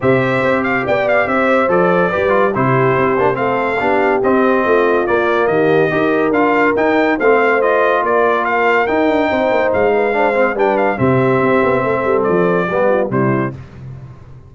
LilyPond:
<<
  \new Staff \with { instrumentName = "trumpet" } { \time 4/4 \tempo 4 = 142 e''4. f''8 g''8 f''8 e''4 | d''2 c''2 | f''2 dis''2 | d''4 dis''2 f''4 |
g''4 f''4 dis''4 d''4 | f''4 g''2 f''4~ | f''4 g''8 f''8 e''2~ | e''4 d''2 c''4 | }
  \new Staff \with { instrumentName = "horn" } { \time 4/4 c''2 d''4 c''4~ | c''4 b'4 g'2 | a'4 g'2 f'4~ | f'4 g'4 ais'2~ |
ais'4 c''2 ais'4~ | ais'2 c''4. b'8 | c''4 b'4 g'2 | a'2 g'8 f'8 e'4 | }
  \new Staff \with { instrumentName = "trombone" } { \time 4/4 g'1 | a'4 g'8 f'8 e'4. d'8 | c'4 d'4 c'2 | ais2 g'4 f'4 |
dis'4 c'4 f'2~ | f'4 dis'2. | d'8 c'8 d'4 c'2~ | c'2 b4 g4 | }
  \new Staff \with { instrumentName = "tuba" } { \time 4/4 c4 c'4 b4 c'4 | f4 g4 c4 c'8 ais8 | a4 b4 c'4 a4 | ais4 dis4 dis'4 d'4 |
dis'4 a2 ais4~ | ais4 dis'8 d'8 c'8 ais8 gis4~ | gis4 g4 c4 c'8 b8 | a8 g8 f4 g4 c4 | }
>>